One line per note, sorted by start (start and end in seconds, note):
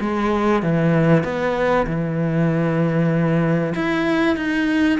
0.00 0.62 G#3
0.62 1.24 E3
1.24 1.86 B3
1.87 3.74 E3
3.75 4.36 E4
4.36 4.99 D#4